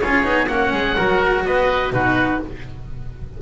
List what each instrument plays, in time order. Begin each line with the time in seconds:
0.00 double bass C#4, cello F4, oboe G#4 C#5
0.23 double bass B3, cello D#4
0.46 double bass A#3, cello C#4, oboe F#4 F#5
0.72 double bass G#3, oboe G#4
0.96 double bass F#3, cello F#4, oboe A#4
1.45 double bass B3, oboe B4 D#5
1.92 double bass B2, cello D#4, oboe F#4 B4